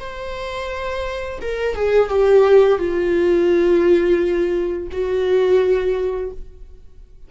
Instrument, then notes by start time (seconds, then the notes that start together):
viola
0.00 C5
1.41 A#4
1.75 G#4
2.09 G4
2.78 F4
4.91 F#4